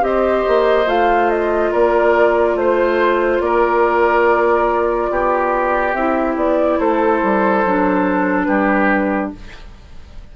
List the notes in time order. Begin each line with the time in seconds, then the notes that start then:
0.00 C4 G4 C5 D#5
0.47 A#3
0.86 A3 F4 F5
1.30 D#5
1.71 A#3 A#4 D5
2.55 A3 C5
3.40 A#3 A#4 D5
5.10 B3 G4
5.93 C4 E4 E5
6.35 B3 D5
6.79 A3 A4 C5
7.23 G3
7.65 F#3 D4
8.43 G3 G4 B4